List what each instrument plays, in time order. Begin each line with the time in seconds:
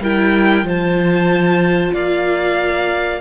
0.00 cello G3, viola E4, clarinet A#4, violin G5
0.62 cello F3, viola F4, clarinet C5, violin A5
1.93 cello A#3, clarinet D5, violin F5